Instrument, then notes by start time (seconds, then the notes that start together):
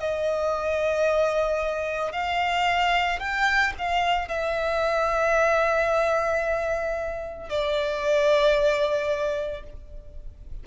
violin
0.00 D#5
2.12 F5
3.20 G5
3.78 F5
4.29 E5
7.50 D5